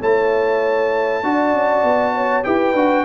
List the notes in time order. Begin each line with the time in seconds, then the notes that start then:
0.00 A3 E4 C#5 A5
1.23 D4 F#4 D5
1.53 C#4
1.83 B3
2.15 C#5
2.44 E4 G4 B4 G5
2.73 D4 F#4